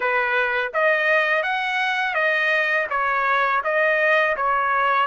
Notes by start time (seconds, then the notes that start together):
0.00 B4
0.73 D#5
1.43 F#5
2.14 D#5
2.89 C#5
3.63 D#5
4.36 C#5